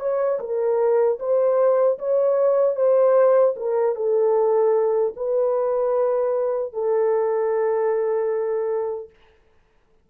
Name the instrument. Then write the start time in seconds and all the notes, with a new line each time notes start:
horn
0.00 C#5
0.40 A#4
1.20 C5
1.99 C#5
2.76 C5
3.56 A#4
3.95 A4
5.17 B4
6.73 A4